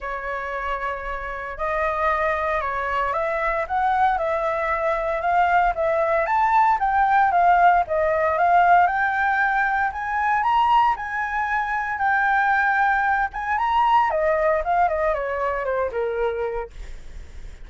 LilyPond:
\new Staff \with { instrumentName = "flute" } { \time 4/4 \tempo 4 = 115 cis''2. dis''4~ | dis''4 cis''4 e''4 fis''4 | e''2 f''4 e''4 | a''4 g''4 f''4 dis''4 |
f''4 g''2 gis''4 | ais''4 gis''2 g''4~ | g''4. gis''8 ais''4 dis''4 | f''8 dis''8 cis''4 c''8 ais'4. | }